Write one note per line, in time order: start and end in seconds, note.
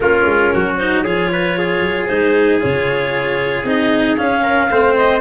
0.00 0.25 A#3
0.00 0.79 C#4
0.00 0.53 F4
0.00 0.76 A#4
0.25 0.51 G#3
0.53 1.05 F#3
0.53 1.03 F#4
0.77 1.05 D#4
0.77 1.03 C5
1.03 1.80 F3
1.03 2.08 F4
1.03 1.29 G#4
1.03 2.06 C#5
1.32 1.57 B4
1.57 4.42 G#4
1.80 2.06 F#3
2.06 2.62 G#3
2.06 2.60 D#4
2.06 2.58 C5
2.60 3.64 C#3
2.60 3.64 F4
2.60 3.66 C#5
3.64 4.16 C4
3.64 4.17 D#4
3.64 4.17 D#5
4.17 4.69 C#4
4.17 4.70 C#4
4.17 4.95 F5
4.42 4.68 A#4
4.70 5.20 A3
4.70 5.20 C4
4.70 5.20 C5
4.96 5.20 D#5